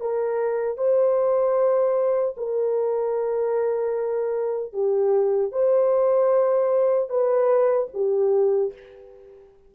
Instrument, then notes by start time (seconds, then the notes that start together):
horn
0.00 A#4
0.77 C5
2.37 A#4
4.73 G4
5.52 C5
7.09 B4
7.94 G4